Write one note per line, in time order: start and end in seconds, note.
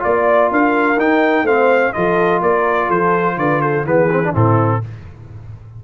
0.00 0.52 A#3
0.00 0.96 F4
0.00 0.51 D5
0.00 0.52 D5
0.52 0.97 D4
0.52 1.45 A#4
0.52 1.00 F5
0.97 1.43 D#4
0.97 1.47 D#4
0.97 1.47 G5
1.43 1.91 A3
1.43 1.94 C4
1.43 1.93 C5
1.43 1.93 F5
1.93 2.42 F3
1.93 3.86 F4
1.93 2.42 A4
1.93 2.41 D#5
2.42 2.90 A#3
2.42 2.87 A#4
2.42 2.91 D5
2.87 3.37 F3
2.87 3.35 A4
2.87 3.39 C5
3.37 3.85 D3
3.37 3.62 B4
3.37 3.62 D5
3.62 3.85 A4
3.62 3.86 C5
3.85 4.33 E3
3.85 4.10 B3
3.85 4.32 G#4
3.85 4.34 B4
4.12 4.24 C4
4.25 4.34 D4
4.32 4.83 A2
4.32 4.82 C4
4.32 4.80 E4
4.32 4.84 A4